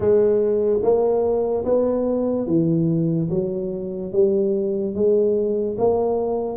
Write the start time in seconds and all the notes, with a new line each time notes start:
0.00 G#3
0.82 A#3
1.64 B3
2.47 E3
3.30 F#3
4.12 G3
4.94 G#3
5.78 A#3